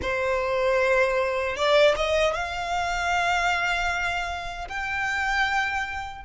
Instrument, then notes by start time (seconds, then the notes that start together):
violin
0.01 C5
1.56 D5
1.96 D#5
2.34 F5
4.68 G5